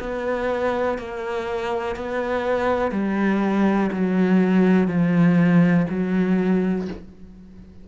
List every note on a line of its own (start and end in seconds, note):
0.00 0.98 B3
0.98 1.96 A#3
1.96 2.92 B3
2.92 3.90 G3
3.93 4.88 F#3
4.88 5.86 F3
5.90 6.88 F#3